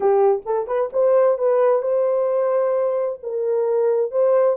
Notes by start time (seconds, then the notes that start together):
0.00 G4
0.45 A4
0.67 B4
0.93 C5
1.37 B4
1.82 C5
3.22 A#4
4.11 C5